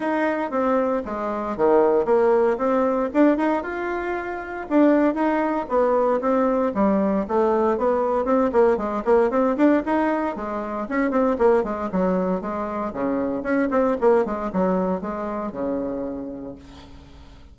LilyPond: \new Staff \with { instrumentName = "bassoon" } { \time 4/4 \tempo 4 = 116 dis'4 c'4 gis4 dis4 | ais4 c'4 d'8 dis'8 f'4~ | f'4 d'4 dis'4 b4 | c'4 g4 a4 b4 |
c'8 ais8 gis8 ais8 c'8 d'8 dis'4 | gis4 cis'8 c'8 ais8 gis8 fis4 | gis4 cis4 cis'8 c'8 ais8 gis8 | fis4 gis4 cis2 | }